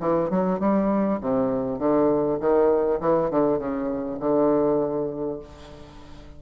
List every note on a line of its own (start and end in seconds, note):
0.00 0.30 E3
0.30 0.59 F#3
0.59 1.19 G3
1.21 1.79 C3
1.79 2.39 D3
2.40 3.00 D#3
3.00 3.30 E3
3.30 3.58 D3
3.58 4.18 C#3
4.19 5.39 D3